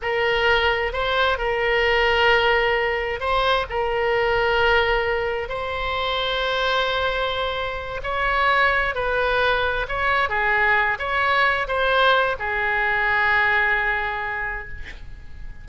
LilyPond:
\new Staff \with { instrumentName = "oboe" } { \time 4/4 \tempo 4 = 131 ais'2 c''4 ais'4~ | ais'2. c''4 | ais'1 | c''1~ |
c''4. cis''2 b'8~ | b'4. cis''4 gis'4. | cis''4. c''4. gis'4~ | gis'1 | }